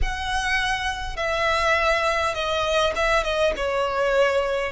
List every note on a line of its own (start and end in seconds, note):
0.02 1.16 F#5
1.16 2.34 E5
2.34 2.93 D#5
2.95 3.23 E5
3.23 3.53 D#5
3.56 4.72 C#5